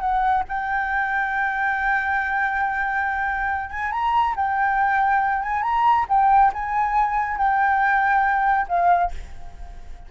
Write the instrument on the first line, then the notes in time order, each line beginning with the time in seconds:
flute
0.00 F#5
0.48 G5
3.70 G#5
3.92 A#5
4.36 G5
5.43 G#5
5.63 A#5
6.09 G5
6.53 G#5
7.37 G5
8.68 F5